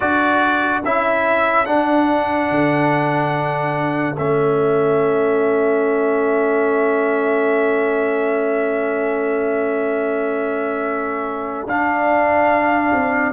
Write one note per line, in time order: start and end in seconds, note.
0.00 0.84 D4
0.00 0.83 F#4
0.00 13.32 A4
0.00 0.82 D5
0.84 1.67 C#4
0.84 1.65 E4
0.84 1.65 E5
1.65 4.15 D4
1.65 2.50 D4
1.65 4.15 F#5
2.50 4.17 D3
4.17 11.66 A3
4.17 11.67 C#4
4.17 11.67 E5
11.66 12.91 D4
11.66 13.32 D4
11.66 13.32 F5
12.92 13.32 C4